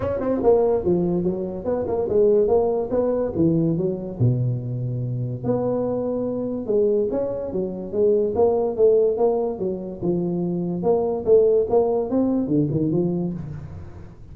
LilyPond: \new Staff \with { instrumentName = "tuba" } { \time 4/4 \tempo 4 = 144 cis'8 c'8 ais4 f4 fis4 | b8 ais8 gis4 ais4 b4 | e4 fis4 b,2~ | b,4 b2. |
gis4 cis'4 fis4 gis4 | ais4 a4 ais4 fis4 | f2 ais4 a4 | ais4 c'4 d8 dis8 f4 | }